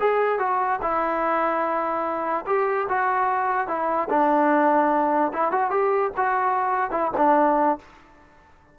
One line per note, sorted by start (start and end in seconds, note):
0.00 0.39 G#4
0.39 0.80 F#4
0.83 2.46 E4
2.47 2.88 G4
2.89 3.68 F#4
3.68 4.09 E4
4.10 5.32 D4
5.34 5.52 E4
5.52 5.71 F#4
5.71 6.12 G4
6.17 6.91 F#4
6.91 7.12 E4
7.18 7.79 D4